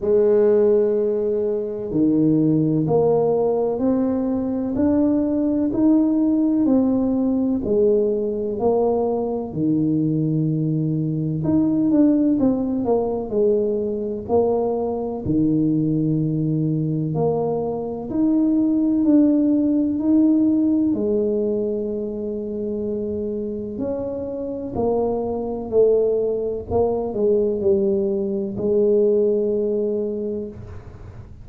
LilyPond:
\new Staff \with { instrumentName = "tuba" } { \time 4/4 \tempo 4 = 63 gis2 dis4 ais4 | c'4 d'4 dis'4 c'4 | gis4 ais4 dis2 | dis'8 d'8 c'8 ais8 gis4 ais4 |
dis2 ais4 dis'4 | d'4 dis'4 gis2~ | gis4 cis'4 ais4 a4 | ais8 gis8 g4 gis2 | }